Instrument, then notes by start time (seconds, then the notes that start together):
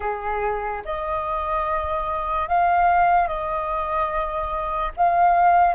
flute
0.00 G#4
0.84 D#5
2.48 F5
3.27 D#5
4.97 F5